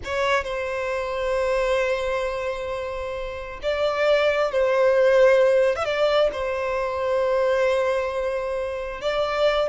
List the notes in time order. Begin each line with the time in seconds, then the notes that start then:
0.04 C#5
0.44 C5
3.62 D5
4.51 C5
5.75 E5
5.85 D5
6.32 C5
9.01 D5